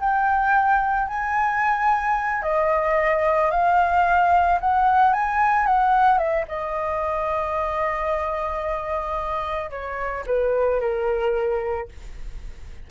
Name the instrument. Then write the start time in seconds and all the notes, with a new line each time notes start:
flute
0.00 G5
1.08 G#5
2.43 D#5
3.51 F5
4.61 F#5
5.13 G#5
5.67 F#5
6.18 E5
6.48 D#5
9.71 C#5
10.26 B4
10.80 A#4